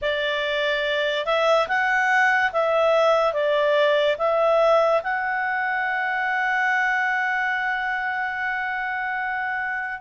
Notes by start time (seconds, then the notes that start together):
0.02 D5
1.25 E5
1.68 F#5
2.52 E5
3.33 D5
4.18 E5
5.03 F#5